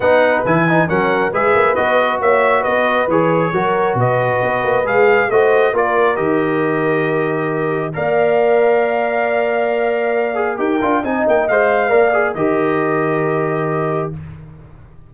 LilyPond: <<
  \new Staff \with { instrumentName = "trumpet" } { \time 4/4 \tempo 4 = 136 fis''4 gis''4 fis''4 e''4 | dis''4 e''4 dis''4 cis''4~ | cis''4 dis''2 f''4 | dis''4 d''4 dis''2~ |
dis''2 f''2~ | f''1 | g''4 gis''8 g''8 f''2 | dis''1 | }
  \new Staff \with { instrumentName = "horn" } { \time 4/4 b'2 ais'4 b'4~ | b'4 cis''4 b'2 | ais'4 b'2. | c''4 ais'2.~ |
ais'2 d''2~ | d''1 | ais'4 dis''2 d''4 | ais'1 | }
  \new Staff \with { instrumentName = "trombone" } { \time 4/4 dis'4 e'8 dis'8 cis'4 gis'4 | fis'2. gis'4 | fis'2. gis'4 | fis'4 f'4 g'2~ |
g'2 ais'2~ | ais'2.~ ais'8 gis'8 | g'8 f'8 dis'4 c''4 ais'8 gis'8 | g'1 | }
  \new Staff \with { instrumentName = "tuba" } { \time 4/4 b4 e4 fis4 gis8 ais8 | b4 ais4 b4 e4 | fis4 b,4 b8 ais8 gis4 | a4 ais4 dis2~ |
dis2 ais2~ | ais1 | dis'8 d'8 c'8 ais8 gis4 ais4 | dis1 | }
>>